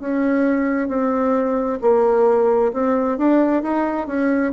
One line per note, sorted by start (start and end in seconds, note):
0.00 0.88 C#4
0.88 1.79 C4
1.81 2.72 A#3
2.73 3.18 C4
3.18 3.63 D4
3.63 4.07 D#4
4.07 4.53 C#4